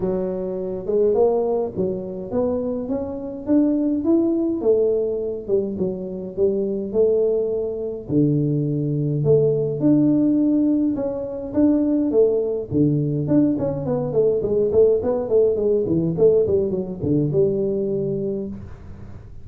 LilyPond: \new Staff \with { instrumentName = "tuba" } { \time 4/4 \tempo 4 = 104 fis4. gis8 ais4 fis4 | b4 cis'4 d'4 e'4 | a4. g8 fis4 g4 | a2 d2 |
a4 d'2 cis'4 | d'4 a4 d4 d'8 cis'8 | b8 a8 gis8 a8 b8 a8 gis8 e8 | a8 g8 fis8 d8 g2 | }